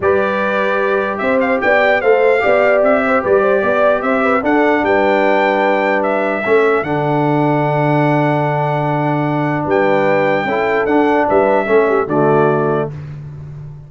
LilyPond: <<
  \new Staff \with { instrumentName = "trumpet" } { \time 4/4 \tempo 4 = 149 d''2. e''8 f''8 | g''4 f''2 e''4 | d''2 e''4 fis''4 | g''2. e''4~ |
e''4 fis''2.~ | fis''1 | g''2. fis''4 | e''2 d''2 | }
  \new Staff \with { instrumentName = "horn" } { \time 4/4 b'2. c''4 | d''4 c''4 d''4. c''8 | b'8 c''8 d''4 c''8 b'8 a'4 | b'1 |
a'1~ | a'1 | b'2 a'2 | b'4 a'8 g'8 fis'2 | }
  \new Staff \with { instrumentName = "trombone" } { \time 4/4 g'1~ | g'4 a'4 g'2~ | g'2. d'4~ | d'1 |
cis'4 d'2.~ | d'1~ | d'2 e'4 d'4~ | d'4 cis'4 a2 | }
  \new Staff \with { instrumentName = "tuba" } { \time 4/4 g2. c'4 | b4 a4 b4 c'4 | g4 b4 c'4 d'4 | g1 |
a4 d2.~ | d1 | g2 cis'4 d'4 | g4 a4 d2 | }
>>